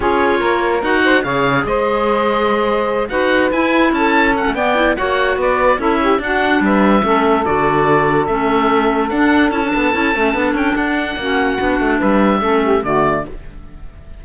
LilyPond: <<
  \new Staff \with { instrumentName = "oboe" } { \time 4/4 \tempo 4 = 145 cis''2 fis''4 f''4 | dis''2.~ dis''8 fis''8~ | fis''8 gis''4 a''4 fis''8 g''4 | fis''4 d''4 e''4 fis''4 |
e''2 d''2 | e''2 fis''4 a''4~ | a''4. g''8 fis''2~ | fis''4 e''2 d''4 | }
  \new Staff \with { instrumentName = "saxophone" } { \time 4/4 gis'4 ais'4. c''8 cis''4 | c''2.~ c''8 b'8~ | b'4. a'4. d''4 | cis''4 b'4 a'8 g'8 fis'4 |
b'4 a'2.~ | a'1~ | a'2. fis'4~ | fis'4 b'4 a'8 g'8 fis'4 | }
  \new Staff \with { instrumentName = "clarinet" } { \time 4/4 f'2 fis'4 gis'4~ | gis'2.~ gis'8 fis'8~ | fis'8 e'2 cis'8 b8 e'8 | fis'2 e'4 d'4~ |
d'4 cis'4 fis'2 | cis'2 d'4 e'16 d'8. | e'8 cis'8 d'2 cis'4 | d'2 cis'4 a4 | }
  \new Staff \with { instrumentName = "cello" } { \time 4/4 cis'4 ais4 dis'4 cis4 | gis2.~ gis8 dis'8~ | dis'8 e'4 cis'4~ cis'16 a16 b4 | ais4 b4 cis'4 d'4 |
g4 a4 d2 | a2 d'4 cis'8 b8 | cis'8 a8 b8 cis'8 d'4 ais4 | b8 a8 g4 a4 d4 | }
>>